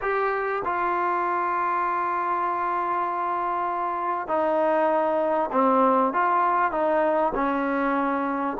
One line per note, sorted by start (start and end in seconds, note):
0.01 0.62 G4
0.64 4.27 F4
4.27 5.50 D#4
5.51 6.13 C4
6.13 6.71 F4
6.71 7.32 D#4
7.34 8.57 C#4